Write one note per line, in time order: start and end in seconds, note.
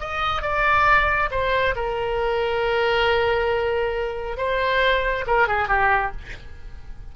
0.00 0.42 D#5
0.42 1.30 D5
1.31 1.75 C5
1.76 4.37 A#4
4.37 5.25 C5
5.27 5.48 A#4
5.48 5.68 G#4
5.68 6.12 G4